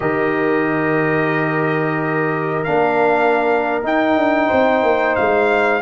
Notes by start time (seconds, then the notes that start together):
0.00 D#3 G4 A#4 D#5
2.63 A#3 D4 F5
3.82 D#4 G5
4.15 D4
4.47 C4 C5
4.82 A#3
5.15 G#3 F5